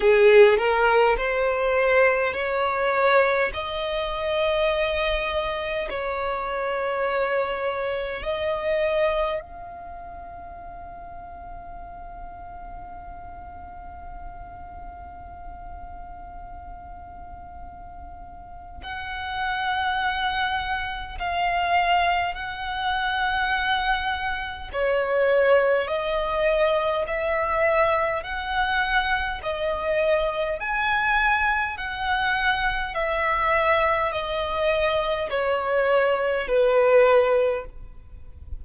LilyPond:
\new Staff \with { instrumentName = "violin" } { \time 4/4 \tempo 4 = 51 gis'8 ais'8 c''4 cis''4 dis''4~ | dis''4 cis''2 dis''4 | f''1~ | f''1 |
fis''2 f''4 fis''4~ | fis''4 cis''4 dis''4 e''4 | fis''4 dis''4 gis''4 fis''4 | e''4 dis''4 cis''4 b'4 | }